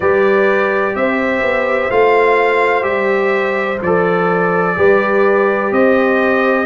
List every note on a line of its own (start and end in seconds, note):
0.00 0.95 G3
0.00 1.90 G4
0.00 0.95 B4
0.00 0.95 D5
0.95 1.41 C4
0.95 4.77 C5
0.95 1.90 E5
1.41 1.89 B3
1.90 2.84 A3
1.90 2.82 F4
1.90 2.83 F5
2.82 3.79 G3
2.82 3.77 G4
2.82 3.78 E5
3.81 4.76 F3
3.81 4.76 A4
3.81 5.72 D5
4.76 5.71 G3
4.76 6.65 G4
4.76 5.72 B4
5.71 6.65 C4
5.71 6.65 C5
5.71 6.65 D#5